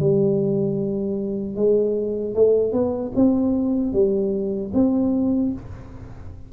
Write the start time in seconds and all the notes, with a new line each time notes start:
0.00 G3
1.56 G#3
2.35 A3
2.73 B3
3.15 C4
3.93 G3
4.74 C4